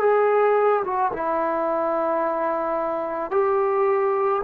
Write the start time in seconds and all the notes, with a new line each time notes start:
0.00 G#4
0.84 F#4
1.13 E4
3.31 G4